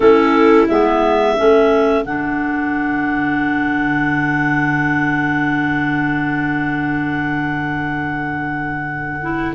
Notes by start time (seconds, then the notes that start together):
0.00 A3 C#4 E4 A4
0.68 G#3 B3 E5
1.34 A3 C#4 A4
2.04 D3 D4 F#5
9.21 E4